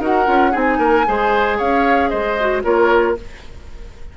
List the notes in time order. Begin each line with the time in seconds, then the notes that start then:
0.00 D#4 F#4 A#4 F#5
0.27 C#4 F4
0.52 C4 D#4 G#4 G#5
0.79 A#3 A#4
1.07 G#3 G#4 C5
1.58 C#4 C#5 F5
2.10 G#3 C5 D#5
2.41 F#4
2.63 A#3 F4 A#4 C#5